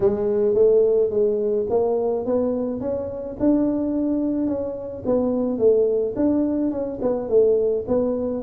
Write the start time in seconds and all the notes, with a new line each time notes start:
0.00 G#3
0.54 A3
1.10 G#3
1.69 A#3
2.25 B3
2.80 C#4
3.39 D4
4.47 C#4
5.05 B3
5.58 A3
6.16 D4
6.71 C#4
7.01 B3
7.28 A3
7.87 B3